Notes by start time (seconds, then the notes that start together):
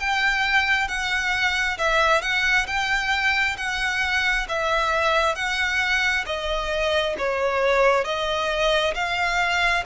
0.00 G5
0.88 F#5
1.78 E5
2.22 F#5
2.67 G5
3.57 F#5
4.49 E5
5.36 F#5
6.26 D#5
7.18 C#5
8.05 D#5
8.95 F5